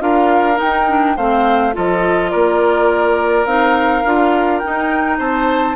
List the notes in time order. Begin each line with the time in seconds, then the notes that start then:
0.00 D4 F4 A#4 F5
0.55 D#4 G5
0.63 D#4
0.88 D4
1.16 A3 C4 C5 F5
1.73 F3 F4 A4 D#5
2.30 A#3 A#4 D5
3.45 C4 D#4 F5
4.05 D4 F4
4.58 D#4 G5
4.66 D#4
5.18 C4 C5 A5